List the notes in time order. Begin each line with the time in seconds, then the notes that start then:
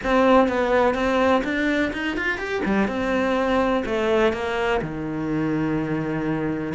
0.03 C4
0.47 B3
0.94 C4
1.44 D4
1.92 D#4
2.16 F4
2.38 G4
2.65 G3
2.87 C4
3.85 A3
4.32 A#3
4.81 D#3